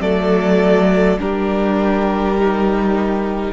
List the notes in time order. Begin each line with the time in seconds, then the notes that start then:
0.00 F#3 A3 A4 D5
1.18 G3 D4 G4 A#4
2.40 D#4